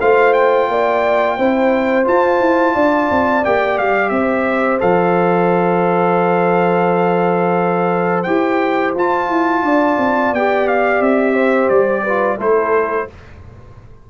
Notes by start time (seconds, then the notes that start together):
0.00 A3 F4 C5 F5
0.33 G5
0.68 A#3 D5
1.37 C4 E4 C5
2.04 F4 A5
2.40 E4
2.74 D4 D5
3.10 C4
3.44 A#3 G4 G5
3.78 G3 F5
4.09 C4 C5 E5
4.79 F3 A4 F5
8.23 E4 G4 G5
8.95 F4 A5
9.29 E4
9.63 D4 D5
9.98 C4
10.31 B3 G4 G5
10.67 F5
11.00 C4 E5
11.33 C5
11.69 G3 D5
12.03 F4 B4
12.37 A3 E4 A4 C5